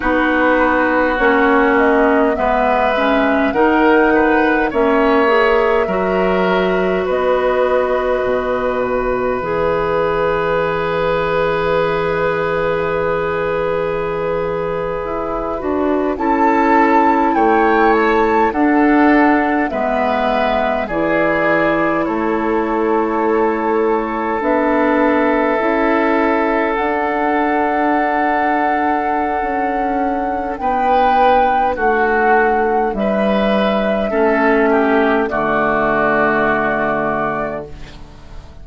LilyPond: <<
  \new Staff \with { instrumentName = "flute" } { \time 4/4 \tempo 4 = 51 b'4 cis''8 dis''8 e''4 fis''4 | e''2 dis''4. e''8~ | e''1~ | e''4.~ e''16 a''4 g''8 a''8 fis''16~ |
fis''8. e''4 d''4 cis''4~ cis''16~ | cis''8. e''2 fis''4~ fis''16~ | fis''2 g''4 fis''4 | e''2 d''2 | }
  \new Staff \with { instrumentName = "oboe" } { \time 4/4 fis'2 b'4 ais'8 b'8 | cis''4 ais'4 b'2~ | b'1~ | b'4.~ b'16 a'4 cis''4 a'16~ |
a'8. b'4 gis'4 a'4~ a'16~ | a'1~ | a'2 b'4 fis'4 | b'4 a'8 g'8 fis'2 | }
  \new Staff \with { instrumentName = "clarinet" } { \time 4/4 dis'4 cis'4 b8 cis'8 dis'4 | cis'8 gis'8 fis'2. | gis'1~ | gis'4~ gis'16 fis'8 e'2 d'16~ |
d'8. b4 e'2~ e'16~ | e'8. d'4 e'4 d'4~ d'16~ | d'1~ | d'4 cis'4 a2 | }
  \new Staff \with { instrumentName = "bassoon" } { \time 4/4 b4 ais4 gis4 dis4 | ais4 fis4 b4 b,4 | e1~ | e8. e'8 d'8 cis'4 a4 d'16~ |
d'8. gis4 e4 a4~ a16~ | a8. b4 cis'4 d'4~ d'16~ | d'4 cis'4 b4 a4 | g4 a4 d2 | }
>>